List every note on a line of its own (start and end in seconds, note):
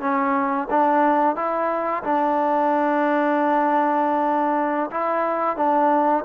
0.00 0.67 C#4
0.70 1.35 D4
1.35 2.03 E4
2.03 4.90 D4
4.90 5.56 E4
5.56 6.24 D4